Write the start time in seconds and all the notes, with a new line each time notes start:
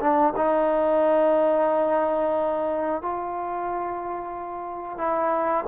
0.00 D4
0.36 D#4
3.02 F4
4.98 E4